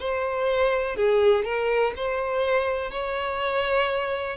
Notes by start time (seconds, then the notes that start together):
0.00 C5
0.96 G#4
1.45 A#4
1.96 C5
2.92 C#5